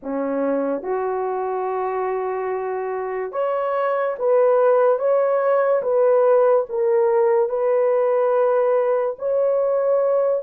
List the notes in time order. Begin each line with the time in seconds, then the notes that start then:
0.02 C#4
0.82 F#4
3.32 C#5
4.19 B4
4.98 C#5
5.82 B4
6.69 A#4
7.49 B4
9.18 C#5